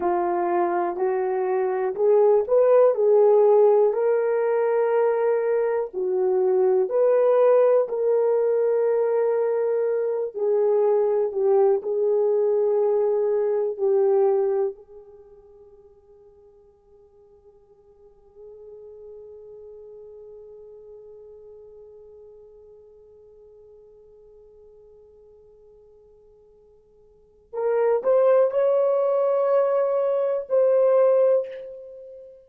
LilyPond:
\new Staff \with { instrumentName = "horn" } { \time 4/4 \tempo 4 = 61 f'4 fis'4 gis'8 b'8 gis'4 | ais'2 fis'4 b'4 | ais'2~ ais'8 gis'4 g'8 | gis'2 g'4 gis'4~ |
gis'1~ | gis'1~ | gis'1 | ais'8 c''8 cis''2 c''4 | }